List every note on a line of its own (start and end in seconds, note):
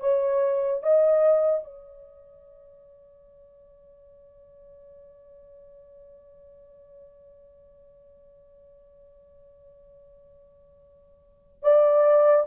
0.00 0.83 C#5
0.83 1.64 D#5
1.64 11.63 C#5
11.63 12.46 D5